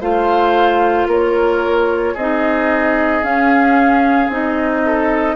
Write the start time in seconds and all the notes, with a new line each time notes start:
0.00 A3 F4 C5 F5
1.07 A#3 A#4 C#5
2.13 C4 G#4 D#5
2.20 D#4
3.22 C#4 F5
4.28 C4 D#4 D#5
4.85 A4